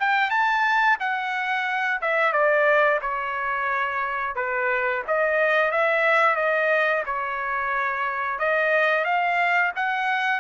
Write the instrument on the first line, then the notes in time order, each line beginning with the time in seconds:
trumpet
0.00 G5
0.30 A5
1.00 F#5
2.02 E5
2.33 D5
3.02 C#5
4.36 B4
5.07 D#5
5.72 E5
6.36 D#5
7.06 C#5
8.39 D#5
9.05 F5
9.76 F#5